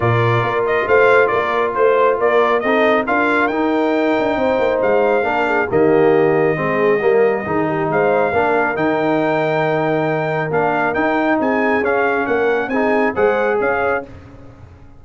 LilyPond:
<<
  \new Staff \with { instrumentName = "trumpet" } { \time 4/4 \tempo 4 = 137 d''4. dis''8 f''4 d''4 | c''4 d''4 dis''4 f''4 | g''2. f''4~ | f''4 dis''2.~ |
dis''2 f''2 | g''1 | f''4 g''4 gis''4 f''4 | fis''4 gis''4 fis''4 f''4 | }
  \new Staff \with { instrumentName = "horn" } { \time 4/4 ais'2 c''4 ais'4 | c''4 ais'4 a'4 ais'4~ | ais'2 c''2 | ais'8 gis'8 g'2 gis'4 |
ais'4 gis'8 g'8 c''4 ais'4~ | ais'1~ | ais'2 gis'2 | ais'4 gis'4 c''4 cis''4 | }
  \new Staff \with { instrumentName = "trombone" } { \time 4/4 f'1~ | f'2 dis'4 f'4 | dis'1 | d'4 ais2 c'4 |
ais4 dis'2 d'4 | dis'1 | d'4 dis'2 cis'4~ | cis'4 dis'4 gis'2 | }
  \new Staff \with { instrumentName = "tuba" } { \time 4/4 ais,4 ais4 a4 ais4 | a4 ais4 c'4 d'4 | dis'4. d'8 c'8 ais8 gis4 | ais4 dis2 gis4 |
g4 dis4 gis4 ais4 | dis1 | ais4 dis'4 c'4 cis'4 | ais4 c'4 gis4 cis'4 | }
>>